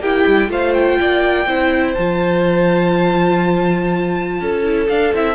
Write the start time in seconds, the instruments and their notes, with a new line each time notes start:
0.00 cello A#3, viola E4, violin G4 G5
0.27 cello G3
0.49 cello A3, viola F4, violin C5 F5
0.74 violin G5
1.01 cello A#3, violin D5
1.46 cello C4, viola E4, violin C5
1.94 cello F3, viola F4, violin A5
4.41 cello C#4, violin A4
4.64 viola E4
4.89 viola D4, cello D4, violin F5
5.13 cello C4, viola E4, violin E5